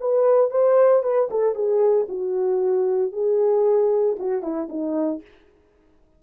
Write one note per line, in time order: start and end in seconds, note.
0.00 0.51 B4
0.51 1.03 C5
1.03 1.29 B4
1.31 1.55 A4
1.55 2.07 G#4
2.08 3.12 F#4
3.12 4.16 G#4
4.19 4.42 F#4
4.42 4.68 E4
4.69 5.21 D#4